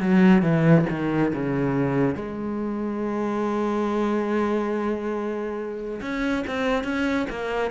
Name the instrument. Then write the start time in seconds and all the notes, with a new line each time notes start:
cello
0.00 F#3
0.42 E3
0.89 D#3
1.33 C#3
2.15 G#3
6.01 C#4
6.47 C4
6.83 C#4
7.29 A#3